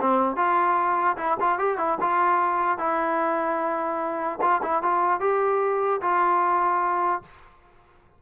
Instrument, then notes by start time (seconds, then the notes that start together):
trombone
0.00 C4
0.36 F4
1.17 E4
1.40 F4
1.58 G4
1.78 E4
2.00 F4
2.78 E4
4.41 F4
4.62 E4
4.82 F4
5.20 G4
6.01 F4